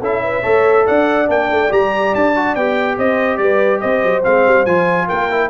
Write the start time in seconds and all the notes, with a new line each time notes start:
0.00 C#4 E4 A4 E5
0.23 B4
0.42 A3 A4 C#5
0.86 D4 D5 F#5
1.26 A#3 D4 G5
1.50 A3
1.69 G3 G4 A#5
2.15 D4 A5
2.36 F#4
2.55 B3 G4 G5
2.98 C4 C5 D#5
3.37 G3 B4 D5
3.80 C4 C5 D#5
4.04 F#3
4.24 G#3 C4 F5
4.46 G3
4.65 F3 F4 G#5
5.07 A#3 A#4 G5
5.30 E4